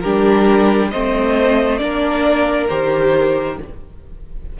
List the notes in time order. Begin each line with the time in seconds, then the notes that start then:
0.00 G3 D4 G4 A#4
0.90 A3 C4 C5 D#5
1.77 A#3 D4 A#4 D5
2.69 D#3 G4 C5